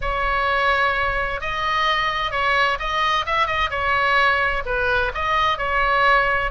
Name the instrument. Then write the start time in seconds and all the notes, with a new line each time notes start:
oboe
0.01 C#5
1.40 D#5
2.31 C#5
2.79 D#5
3.26 E5
3.47 D#5
3.70 C#5
4.65 B4
5.14 D#5
5.58 C#5